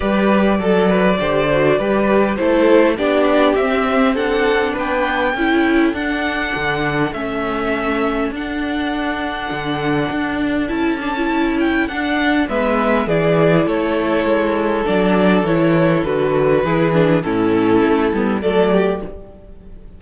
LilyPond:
<<
  \new Staff \with { instrumentName = "violin" } { \time 4/4 \tempo 4 = 101 d''1 | c''4 d''4 e''4 fis''4 | g''2 fis''2 | e''2 fis''2~ |
fis''2 a''4. g''8 | fis''4 e''4 d''4 cis''4~ | cis''4 d''4 cis''4 b'4~ | b'4 a'2 d''4 | }
  \new Staff \with { instrumentName = "violin" } { \time 4/4 b'4 a'8 b'8 c''4 b'4 | a'4 g'2 a'4 | b'4 a'2.~ | a'1~ |
a'1~ | a'4 b'4 gis'4 a'4~ | a'1 | gis'4 e'2 a'8 g'8 | }
  \new Staff \with { instrumentName = "viola" } { \time 4/4 g'4 a'4 g'8 fis'8 g'4 | e'4 d'4 c'4 d'4~ | d'4 e'4 d'2 | cis'2 d'2~ |
d'2 e'8 d'16 e'4~ e'16 | d'4 b4 e'2~ | e'4 d'4 e'4 fis'4 | e'8 d'8 cis'4. b8 a4 | }
  \new Staff \with { instrumentName = "cello" } { \time 4/4 g4 fis4 d4 g4 | a4 b4 c'2 | b4 cis'4 d'4 d4 | a2 d'2 |
d4 d'4 cis'2 | d'4 gis4 e4 a4 | gis4 fis4 e4 d4 | e4 a,4 a8 g8 fis4 | }
>>